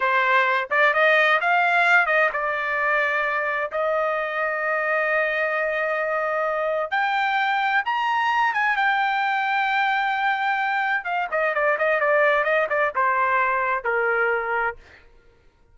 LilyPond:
\new Staff \with { instrumentName = "trumpet" } { \time 4/4 \tempo 4 = 130 c''4. d''8 dis''4 f''4~ | f''8 dis''8 d''2. | dis''1~ | dis''2. g''4~ |
g''4 ais''4. gis''8 g''4~ | g''1 | f''8 dis''8 d''8 dis''8 d''4 dis''8 d''8 | c''2 ais'2 | }